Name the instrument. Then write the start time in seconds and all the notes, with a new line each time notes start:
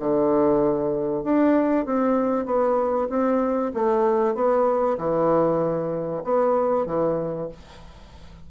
bassoon
0.00 D3
1.24 D4
1.86 C4
2.46 B3
3.10 C4
3.74 A3
4.35 B3
4.98 E3
6.24 B3
6.86 E3